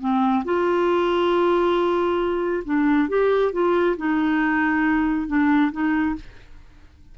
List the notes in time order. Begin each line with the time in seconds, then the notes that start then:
0.00 C4
0.44 F4
2.65 D4
3.08 G4
3.52 F4
3.97 D#4
5.27 D4
5.72 D#4